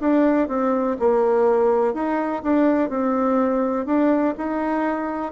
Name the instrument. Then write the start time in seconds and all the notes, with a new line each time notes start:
bassoon
0.00 D4
0.48 C4
0.99 A#3
1.94 D#4
2.43 D4
2.89 C4
3.86 D4
4.37 D#4